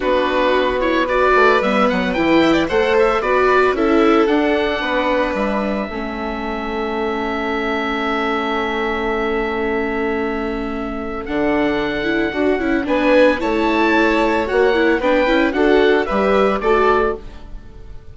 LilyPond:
<<
  \new Staff \with { instrumentName = "oboe" } { \time 4/4 \tempo 4 = 112 b'4. cis''8 d''4 e''8 fis''8 | g''4 fis''8 e''8 d''4 e''4 | fis''2 e''2~ | e''1~ |
e''1~ | e''4 fis''2. | gis''4 a''2 fis''4 | g''4 fis''4 e''4 d''4 | }
  \new Staff \with { instrumentName = "violin" } { \time 4/4 fis'2 b'2~ | b'8 e''16 d''16 c''4 b'4 a'4~ | a'4 b'2 a'4~ | a'1~ |
a'1~ | a'1 | b'4 cis''2. | b'4 a'4 b'4 a'4 | }
  \new Staff \with { instrumentName = "viola" } { \time 4/4 d'4. e'8 fis'4 b4 | e'4 a'4 fis'4 e'4 | d'2. cis'4~ | cis'1~ |
cis'1~ | cis'4 d'4. e'8 fis'8 e'8 | d'4 e'2 fis'8 e'8 | d'8 e'8 fis'4 g'4 fis'4 | }
  \new Staff \with { instrumentName = "bassoon" } { \time 4/4 b2~ b8 a8 g8 fis8 | e4 a4 b4 cis'4 | d'4 b4 g4 a4~ | a1~ |
a1~ | a4 d2 d'8 cis'8 | b4 a2 ais4 | b8 cis'8 d'4 g4 a4 | }
>>